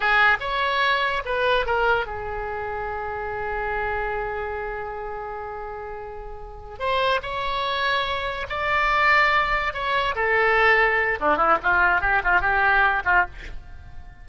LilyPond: \new Staff \with { instrumentName = "oboe" } { \time 4/4 \tempo 4 = 145 gis'4 cis''2 b'4 | ais'4 gis'2.~ | gis'1~ | gis'1~ |
gis'8 c''4 cis''2~ cis''8~ | cis''8 d''2. cis''8~ | cis''8 a'2~ a'8 d'8 e'8 | f'4 g'8 f'8 g'4. f'8 | }